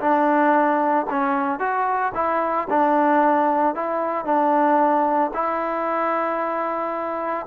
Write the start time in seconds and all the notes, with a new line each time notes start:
0.00 D4
1.10 C#4
1.59 F#4
2.15 E4
2.70 D4
3.75 E4
4.25 D4
5.34 E4